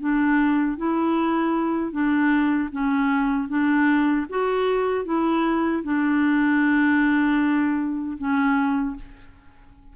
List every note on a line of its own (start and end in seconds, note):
0.00 0.78 D4
0.78 1.92 E4
1.92 2.70 D4
2.72 3.49 C#4
3.49 4.26 D4
4.30 5.05 F#4
5.05 5.83 E4
5.84 8.17 D4
8.18 8.96 C#4